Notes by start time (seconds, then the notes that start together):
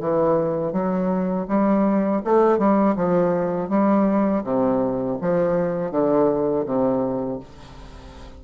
0.00 E3
0.72 F#3
1.48 G3
2.24 A3
2.58 G3
2.96 F3
3.69 G3
4.43 C3
5.21 F3
5.91 D3
6.65 C3